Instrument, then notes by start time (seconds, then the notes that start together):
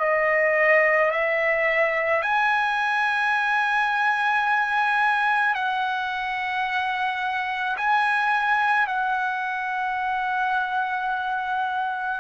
trumpet
0.00 D#5
1.11 E5
2.22 G#5
5.55 F#5
7.77 G#5
8.87 F#5